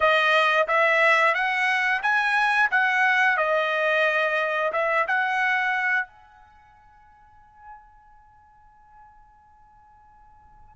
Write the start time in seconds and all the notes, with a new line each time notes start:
0.00 D#5
0.67 E5
1.34 F#5
2.02 G#5
2.70 F#5
3.37 D#5
4.72 E5
5.07 F#5
6.06 G#5